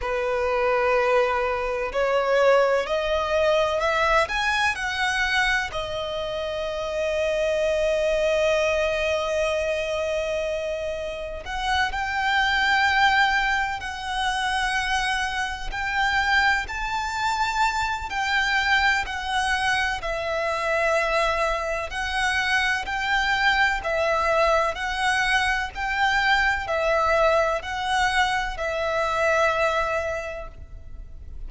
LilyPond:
\new Staff \with { instrumentName = "violin" } { \time 4/4 \tempo 4 = 63 b'2 cis''4 dis''4 | e''8 gis''8 fis''4 dis''2~ | dis''1 | fis''8 g''2 fis''4.~ |
fis''8 g''4 a''4. g''4 | fis''4 e''2 fis''4 | g''4 e''4 fis''4 g''4 | e''4 fis''4 e''2 | }